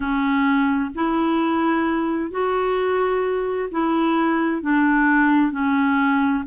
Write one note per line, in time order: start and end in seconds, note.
0.00 0.90 C#4
0.94 2.30 E4
2.30 3.69 F#4
3.71 4.62 E4
4.62 5.51 D4
5.51 6.44 C#4